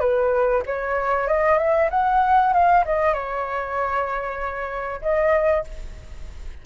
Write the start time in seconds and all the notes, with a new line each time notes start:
0.00 B4
0.66 C#5
1.28 D#5
1.58 E5
1.91 F#5
2.53 F5
2.85 D#5
3.14 C#5
5.02 D#5